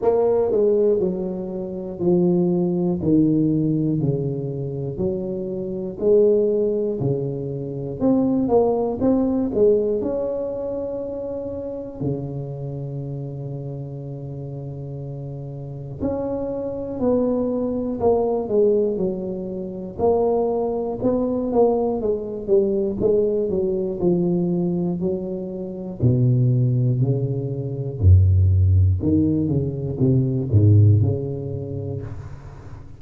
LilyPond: \new Staff \with { instrumentName = "tuba" } { \time 4/4 \tempo 4 = 60 ais8 gis8 fis4 f4 dis4 | cis4 fis4 gis4 cis4 | c'8 ais8 c'8 gis8 cis'2 | cis1 |
cis'4 b4 ais8 gis8 fis4 | ais4 b8 ais8 gis8 g8 gis8 fis8 | f4 fis4 b,4 cis4 | fis,4 dis8 cis8 c8 gis,8 cis4 | }